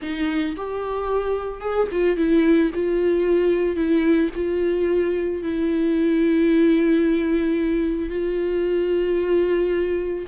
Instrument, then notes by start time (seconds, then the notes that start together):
viola
0.02 D#4
0.56 G4
1.60 G#4
1.91 F4
2.16 E4
2.74 F4
3.75 E4
4.35 F4
5.42 E4
8.09 F4